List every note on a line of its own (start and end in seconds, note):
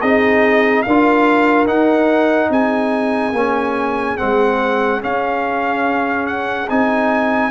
0.00 0.85 C4
0.00 0.85 D#4
0.00 0.83 G#4
0.00 0.82 D#5
0.82 1.68 D4
0.82 2.49 A#4
0.82 1.65 F5
0.89 1.66 F4
1.66 3.33 D#4
1.66 2.49 D#4
1.66 2.50 F#5
2.49 3.32 C4
2.49 7.49 G#4
2.49 4.17 G#5
3.32 4.16 A#3
3.32 4.17 C#4
4.17 5.03 G#3
4.17 5.01 C4
4.17 5.01 F#5
5.01 6.67 C#4
5.01 6.69 C#4
5.01 6.26 F5
6.26 6.68 F#5
6.69 7.51 C4
6.69 7.51 D#4
6.69 7.51 G#5